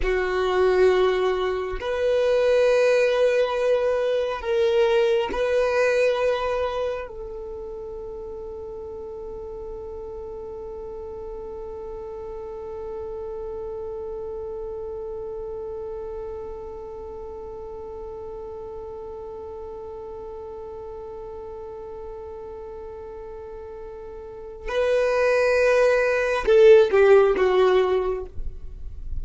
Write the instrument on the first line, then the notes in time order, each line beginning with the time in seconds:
violin
0.02 F#4
1.80 B4
4.41 A#4
5.32 B4
7.07 A4
24.68 B4
26.46 A4
26.91 G4
27.36 F#4